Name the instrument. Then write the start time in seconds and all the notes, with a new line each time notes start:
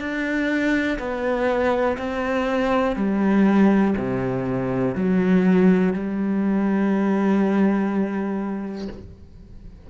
cello
0.00 D4
0.99 B3
1.98 C4
2.96 G3
3.97 C3
4.95 F#3
5.93 G3